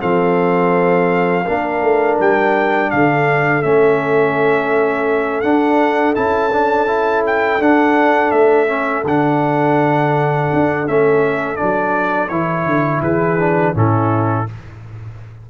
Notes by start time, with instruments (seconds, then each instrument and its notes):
0.00 tuba F3, trombone C4, horn A4, trumpet F5
1.46 tuba A#3, trombone D4, horn A#4
1.82 tuba A3
2.20 tuba G3, trumpet G5
2.90 tuba D3, horn A4, trumpet F5
3.62 tuba A3, trombone C#4, trumpet E5
5.41 trombone D4, tuba D4, trumpet F#5
6.14 tuba C#4, trombone E4, trumpet A5
6.52 trombone D4
6.87 trombone E4
7.26 trumpet G5
7.59 tuba D4, trombone D4, trumpet F#5
8.31 tuba A3, trumpet E5
8.67 trombone C#4
9.04 tuba D3, trombone D4, trumpet F#5
10.53 tuba D4
10.87 tuba A3, trombone C#4, trumpet E5
11.56 tuba F#3, trombone D4, trumpet D5
12.28 tuba E3, trombone E4, trumpet C#5
12.65 tuba D3
13.02 tuba E3, horn G#4, trumpet B4
13.39 trombone D4
13.74 tuba A2, trombone C#4, horn E4, trumpet A4